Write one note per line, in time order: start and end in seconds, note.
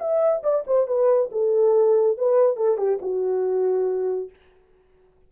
0.00 0.43 E5
0.43 0.65 D5
0.67 0.88 C5
0.88 1.31 B4
1.32 2.18 A4
2.18 2.57 B4
2.57 2.78 A4
2.78 2.99 G4
3.02 4.31 F#4